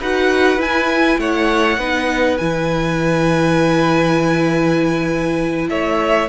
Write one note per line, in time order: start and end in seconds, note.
0.00 0.57 D#4
0.00 0.58 F#4
0.00 1.20 B4
0.00 0.61 F#5
0.57 1.17 E4
0.57 1.78 E4
0.57 1.20 G#5
1.18 1.78 A3
1.18 1.79 C#5
1.18 2.38 F#5
1.78 2.38 B3
1.78 2.40 D#4
1.78 5.69 B4
2.38 5.69 E3
2.38 6.29 E4
2.38 5.68 G#5
5.69 6.29 A3
5.69 6.29 C#5
5.69 6.29 E5